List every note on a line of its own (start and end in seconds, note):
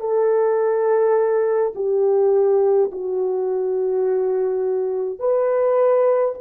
0.00 1.73 A4
1.75 2.91 G4
2.91 5.19 F#4
5.19 6.34 B4